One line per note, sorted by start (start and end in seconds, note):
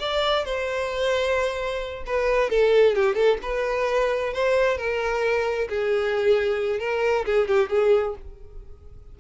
0.00 0.45 D5
0.45 2.04 C5
2.06 2.50 B4
2.50 2.95 A4
2.95 3.15 G4
3.15 3.38 A4
3.42 4.33 B4
4.33 4.77 C5
4.77 5.68 A#4
5.69 6.80 G#4
6.80 7.25 A#4
7.25 7.48 G#4
7.48 7.69 G4
7.69 8.15 G#4